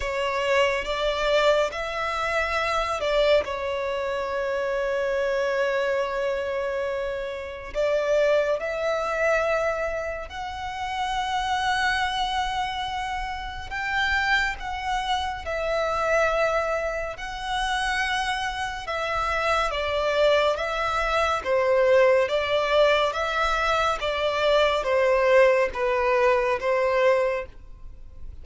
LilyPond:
\new Staff \with { instrumentName = "violin" } { \time 4/4 \tempo 4 = 70 cis''4 d''4 e''4. d''8 | cis''1~ | cis''4 d''4 e''2 | fis''1 |
g''4 fis''4 e''2 | fis''2 e''4 d''4 | e''4 c''4 d''4 e''4 | d''4 c''4 b'4 c''4 | }